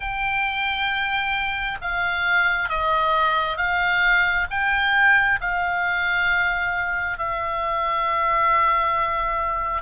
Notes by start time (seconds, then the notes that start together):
0.00 G5
1.81 F5
2.69 D#5
3.57 F5
4.50 G5
5.40 F5
7.18 E5